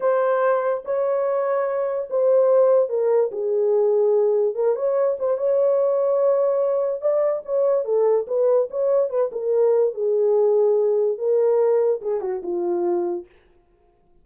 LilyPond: \new Staff \with { instrumentName = "horn" } { \time 4/4 \tempo 4 = 145 c''2 cis''2~ | cis''4 c''2 ais'4 | gis'2. ais'8 cis''8~ | cis''8 c''8 cis''2.~ |
cis''4 d''4 cis''4 a'4 | b'4 cis''4 b'8 ais'4. | gis'2. ais'4~ | ais'4 gis'8 fis'8 f'2 | }